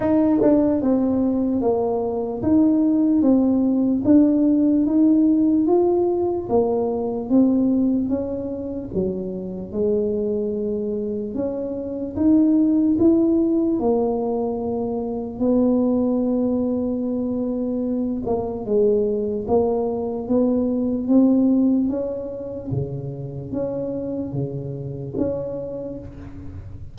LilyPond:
\new Staff \with { instrumentName = "tuba" } { \time 4/4 \tempo 4 = 74 dis'8 d'8 c'4 ais4 dis'4 | c'4 d'4 dis'4 f'4 | ais4 c'4 cis'4 fis4 | gis2 cis'4 dis'4 |
e'4 ais2 b4~ | b2~ b8 ais8 gis4 | ais4 b4 c'4 cis'4 | cis4 cis'4 cis4 cis'4 | }